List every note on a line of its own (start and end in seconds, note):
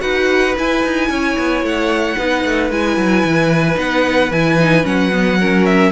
0.00 0.56 D#4
0.00 0.54 F#4
0.00 1.08 B4
0.00 0.54 F#5
0.57 2.17 E4
0.57 0.83 E4
0.57 1.65 G#5
0.83 1.09 D#4
1.09 1.36 C#4
1.09 2.17 C#5
1.38 1.62 B3
1.62 2.16 A3
1.62 2.71 F#5
2.17 2.44 B3
2.17 2.71 D#4
2.17 5.38 B4
2.45 2.70 A3
2.70 2.97 G#3
2.70 3.75 E4
2.70 3.78 G#5
2.97 3.24 F#3
3.24 3.77 E3
3.75 4.31 B3
3.75 4.28 D#4
3.75 4.32 F#5
4.31 4.85 E3
4.31 4.59 E4
4.31 4.85 G#5
4.59 4.83 D#4
4.83 5.92 F#3
4.83 5.10 C#4
4.83 5.65 F#5
5.12 5.39 B3
5.40 5.92 C#4
5.40 5.92 A#4
5.65 5.92 E5